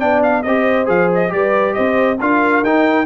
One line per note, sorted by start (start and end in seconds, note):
0.00 0.45 B3
0.00 0.44 D4
0.00 0.44 D5
0.00 0.22 G5
0.23 0.43 F5
0.43 0.89 C4
0.43 0.86 G4
0.43 1.34 C5
0.43 0.87 D#5
0.86 1.32 F3
0.86 1.29 G#4
0.86 1.11 F5
1.15 1.33 D#5
1.29 1.76 G3
1.29 2.17 G4
1.29 1.75 B4
1.29 1.74 D5
1.74 2.21 C4
1.74 2.19 C5
1.74 2.18 D#5
2.21 2.63 D4
2.21 2.65 F4
2.21 3.06 A#4
2.21 2.65 F5
2.63 3.06 D#4
2.63 3.06 G5